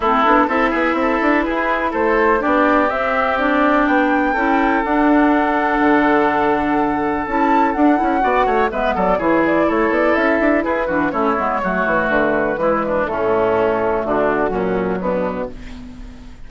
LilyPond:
<<
  \new Staff \with { instrumentName = "flute" } { \time 4/4 \tempo 4 = 124 a'4 e''2 b'4 | c''4 d''4 e''4 d''4 | g''2 fis''2~ | fis''2. a''4 |
fis''2 e''8 d''8 cis''8 d''8 | cis''8 d''8 e''4 b'4 cis''4~ | cis''4 b'2 a'4~ | a'4 fis'2 d'4 | }
  \new Staff \with { instrumentName = "oboe" } { \time 4/4 e'4 a'8 gis'8 a'4 gis'4 | a'4 g'2.~ | g'4 a'2.~ | a'1~ |
a'4 d''8 cis''8 b'8 a'8 gis'4 | a'2 gis'8 fis'8 e'4 | fis'2 e'8 d'8 cis'4~ | cis'4 d'4 cis'4 b4 | }
  \new Staff \with { instrumentName = "clarinet" } { \time 4/4 c'8 d'8 e'2.~ | e'4 d'4 c'4 d'4~ | d'4 e'4 d'2~ | d'2. e'4 |
d'8 e'8 fis'4 b4 e'4~ | e'2~ e'8 d'8 cis'8 b8 | a2 gis4 a4~ | a2 fis2 | }
  \new Staff \with { instrumentName = "bassoon" } { \time 4/4 a8 b8 c'8 b8 c'8 d'8 e'4 | a4 b4 c'2 | b4 cis'4 d'2 | d2. cis'4 |
d'8 cis'8 b8 a8 gis8 fis8 e4 | a8 b8 cis'8 d'8 e'8 e8 a8 gis8 | fis8 e8 d4 e4 a,4~ | a,4 d4 ais,4 b,4 | }
>>